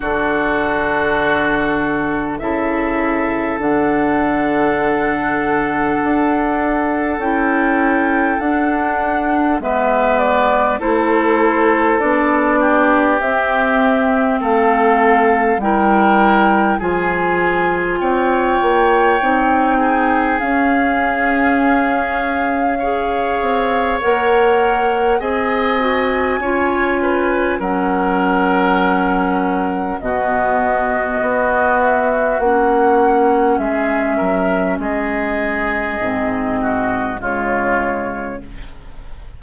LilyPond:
<<
  \new Staff \with { instrumentName = "flute" } { \time 4/4 \tempo 4 = 50 a'2 e''4 fis''4~ | fis''2 g''4 fis''4 | e''8 d''8 c''4 d''4 e''4 | f''4 g''4 gis''4 g''4~ |
g''4 f''2. | fis''4 gis''2 fis''4~ | fis''4 dis''4. e''8 fis''4 | e''4 dis''2 cis''4 | }
  \new Staff \with { instrumentName = "oboe" } { \time 4/4 fis'2 a'2~ | a'1 | b'4 a'4. g'4. | a'4 ais'4 gis'4 cis''4~ |
cis''8 gis'2~ gis'8 cis''4~ | cis''4 dis''4 cis''8 b'8 ais'4~ | ais'4 fis'2. | gis'8 ais'8 gis'4. fis'8 f'4 | }
  \new Staff \with { instrumentName = "clarinet" } { \time 4/4 d'2 e'4 d'4~ | d'2 e'4 d'4 | b4 e'4 d'4 c'4~ | c'4 e'4 f'2 |
dis'4 cis'2 gis'4 | ais'4 gis'8 fis'8 f'4 cis'4~ | cis'4 b2 cis'4~ | cis'2 c'4 gis4 | }
  \new Staff \with { instrumentName = "bassoon" } { \time 4/4 d2 cis4 d4~ | d4 d'4 cis'4 d'4 | gis4 a4 b4 c'4 | a4 g4 f4 c'8 ais8 |
c'4 cis'2~ cis'8 c'8 | ais4 c'4 cis'4 fis4~ | fis4 b,4 b4 ais4 | gis8 fis8 gis4 gis,4 cis4 | }
>>